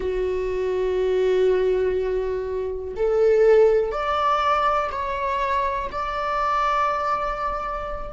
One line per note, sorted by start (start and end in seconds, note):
0.00 2.94 F#4
2.96 3.91 A4
3.91 4.90 D5
4.91 5.90 C#5
5.92 8.12 D5